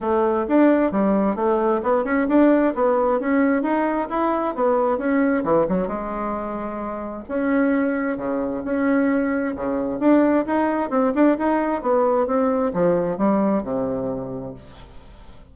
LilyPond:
\new Staff \with { instrumentName = "bassoon" } { \time 4/4 \tempo 4 = 132 a4 d'4 g4 a4 | b8 cis'8 d'4 b4 cis'4 | dis'4 e'4 b4 cis'4 | e8 fis8 gis2. |
cis'2 cis4 cis'4~ | cis'4 cis4 d'4 dis'4 | c'8 d'8 dis'4 b4 c'4 | f4 g4 c2 | }